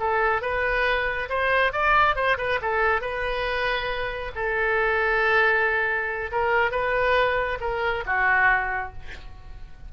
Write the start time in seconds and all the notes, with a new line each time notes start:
0.00 A4
0.42 B4
1.29 C5
1.73 D5
2.16 C5
2.38 B4
2.62 A4
3.02 B4
4.36 A4
6.32 A#4
6.72 B4
7.61 A#4
8.07 F#4